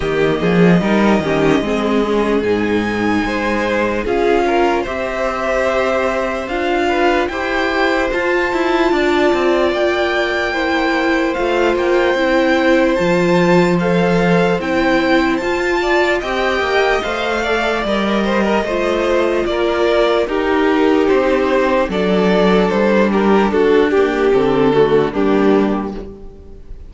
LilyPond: <<
  \new Staff \with { instrumentName = "violin" } { \time 4/4 \tempo 4 = 74 dis''2. gis''4~ | gis''4 f''4 e''2 | f''4 g''4 a''2 | g''2 f''8 g''4. |
a''4 f''4 g''4 a''4 | g''4 f''4 dis''2 | d''4 ais'4 c''4 d''4 | c''8 ais'8 a'8 g'8 a'4 g'4 | }
  \new Staff \with { instrumentName = "violin" } { \time 4/4 g'8 gis'8 ais'8 g'8 gis'2 | c''4 gis'8 ais'8 c''2~ | c''8 b'8 c''2 d''4~ | d''4 c''2.~ |
c''2.~ c''8 d''8 | dis''4. d''4 c''16 ais'16 c''4 | ais'4 g'2 a'4~ | a'8 g'8 fis'8 g'4 fis'8 d'4 | }
  \new Staff \with { instrumentName = "viola" } { \time 4/4 ais4 dis'8 cis'8 c'8 cis'8 dis'4~ | dis'4 f'4 g'2 | f'4 g'4 f'2~ | f'4 e'4 f'4 e'4 |
f'4 a'4 e'4 f'4 | g'4 c''8 a'8 ais'4 f'4~ | f'4 dis'2 d'4~ | d'4. ais8 c'8 a8 ais4 | }
  \new Staff \with { instrumentName = "cello" } { \time 4/4 dis8 f8 g8 dis8 gis4 gis,4 | gis4 cis'4 c'2 | d'4 e'4 f'8 e'8 d'8 c'8 | ais2 a8 ais8 c'4 |
f2 c'4 f'4 | c'8 ais8 a4 g4 a4 | ais4 dis'4 c'4 fis4 | g4 d'4 d4 g4 | }
>>